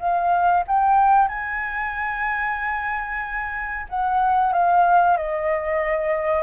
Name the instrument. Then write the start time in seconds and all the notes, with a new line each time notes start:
flute
0.00 F5
0.68 G5
1.29 G#5
3.89 F#5
4.53 F5
5.18 D#5